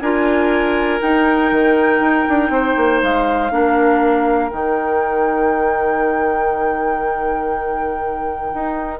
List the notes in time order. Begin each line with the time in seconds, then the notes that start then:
0.00 D4 F4 A#4 G#5
1.01 D#4 G5
1.51 D#3
2.00 D#4
2.28 D4
2.49 C4 C5
2.76 A#3
3.02 G#3 F5
3.51 A#3 D4 A#4
4.49 D#3 D#4 G5
8.53 D#4